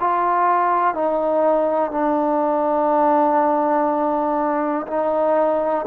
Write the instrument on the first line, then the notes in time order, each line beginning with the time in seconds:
trombone
0.00 F4
0.94 D#4
1.91 D4
4.87 D#4